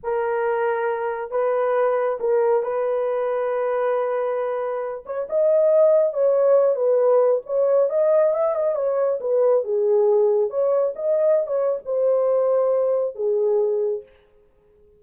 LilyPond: \new Staff \with { instrumentName = "horn" } { \time 4/4 \tempo 4 = 137 ais'2. b'4~ | b'4 ais'4 b'2~ | b'2.~ b'8 cis''8 | dis''2 cis''4. b'8~ |
b'4 cis''4 dis''4 e''8 dis''8 | cis''4 b'4 gis'2 | cis''4 dis''4~ dis''16 cis''8. c''4~ | c''2 gis'2 | }